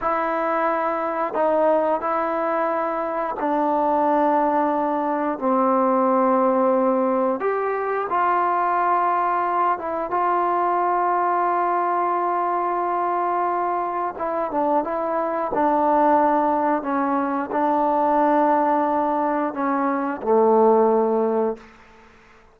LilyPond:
\new Staff \with { instrumentName = "trombone" } { \time 4/4 \tempo 4 = 89 e'2 dis'4 e'4~ | e'4 d'2. | c'2. g'4 | f'2~ f'8 e'8 f'4~ |
f'1~ | f'4 e'8 d'8 e'4 d'4~ | d'4 cis'4 d'2~ | d'4 cis'4 a2 | }